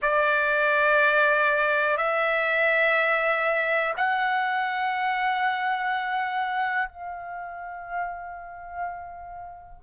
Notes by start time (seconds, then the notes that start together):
0.01 D5
1.97 E5
3.96 F#5
6.88 F5